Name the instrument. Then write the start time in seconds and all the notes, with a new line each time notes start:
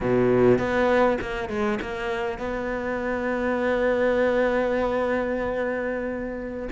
cello
0.00 B2
0.58 B3
1.21 A#3
1.49 G#3
1.81 A#3
2.38 B3